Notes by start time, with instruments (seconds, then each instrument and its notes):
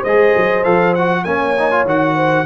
0.00 tuba G#3, horn C5, trumpet D#5
0.07 trombone G#4
0.36 tuba F#3
0.64 tuba F3, trombone A4, trumpet F5
0.94 trombone F#4, trumpet F#5
1.24 tuba A#3, trombone C#4, horn C#5, trumpet G#5
1.58 trombone D#4
1.70 trombone F4
1.84 tuba D#3, trombone F#4, trumpet F#5
2.15 horn C5